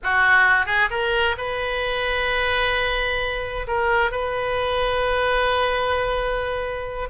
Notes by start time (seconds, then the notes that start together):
0.03 F#4
0.66 G#4
0.90 A#4
1.37 B4
3.67 A#4
4.11 B4